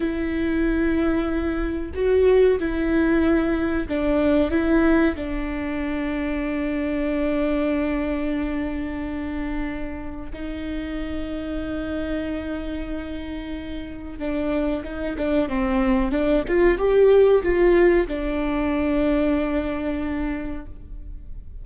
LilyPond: \new Staff \with { instrumentName = "viola" } { \time 4/4 \tempo 4 = 93 e'2. fis'4 | e'2 d'4 e'4 | d'1~ | d'1 |
dis'1~ | dis'2 d'4 dis'8 d'8 | c'4 d'8 f'8 g'4 f'4 | d'1 | }